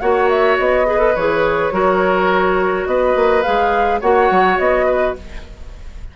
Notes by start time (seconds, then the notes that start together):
0.00 A#3 F#4 C#5 F#5
0.29 E5
0.58 B3 D#5
0.86 G#4 B4
0.98 A4
1.15 E3 G#4 C#5
1.72 F#3 F#4 A#4
2.86 B3 B4 D#5
3.15 A#3
3.43 G#3 G#4 F5
4.01 A#3 F#4 C#5 F#5
4.31 F#3
4.58 B3 D#5
4.86 B4